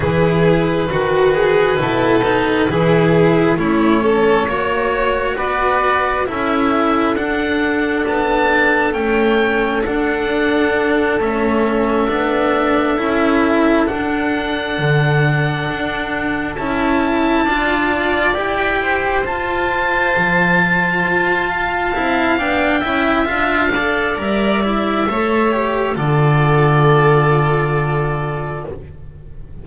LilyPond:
<<
  \new Staff \with { instrumentName = "oboe" } { \time 4/4 \tempo 4 = 67 b'1 | cis''2 d''4 e''4 | fis''4 a''4 g''4 fis''4~ | fis''8 e''2. fis''8~ |
fis''2~ fis''8 a''4.~ | a''8 g''4 a''2~ a''8~ | a''4 g''4 f''4 e''4~ | e''4 d''2. | }
  \new Staff \with { instrumentName = "violin" } { \time 4/4 gis'4 fis'8 gis'8 a'4 gis'4 | e'8 a'8 cis''4 b'4 a'4~ | a'1~ | a'1~ |
a'2.~ a'8 d''8~ | d''4 c''2. | f''4. e''4 d''4. | cis''4 a'2. | }
  \new Staff \with { instrumentName = "cello" } { \time 4/4 e'4 fis'4 e'8 dis'8 e'4 | cis'4 fis'2 e'4 | d'2 cis'4 d'4~ | d'8 cis'4 d'4 e'4 d'8~ |
d'2~ d'8 e'4 f'8~ | f'8 g'4 f'2~ f'8~ | f'8 e'8 d'8 e'8 f'8 a'8 ais'8 e'8 | a'8 g'8 f'2. | }
  \new Staff \with { instrumentName = "double bass" } { \time 4/4 e4 dis4 b,4 e4 | a4 ais4 b4 cis'4 | d'4 b4 a4 d'4~ | d'8 a4 b4 cis'4 d'8~ |
d'8 d4 d'4 cis'4 d'8~ | d'8 e'4 f'4 f4 f'8~ | f'8 c'8 b8 cis'8 d'4 g4 | a4 d2. | }
>>